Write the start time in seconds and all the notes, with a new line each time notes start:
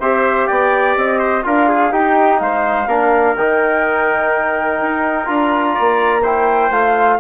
0.00 C4 G4 C5 E5
0.47 B3 D5 G5
0.96 C4 D#5
1.19 C5
1.43 D4 F4 A#4 F5
1.69 G#4
1.92 D#4 G4 G5
2.39 G#3 C5 F5
2.87 A#3 D4 A#4
3.36 D#3 D#4 G5
4.81 D#4
5.26 D4 F4 A#5
5.74 D5
5.80 A#3
6.23 E4 C5 G5
6.70 A3 F4 F5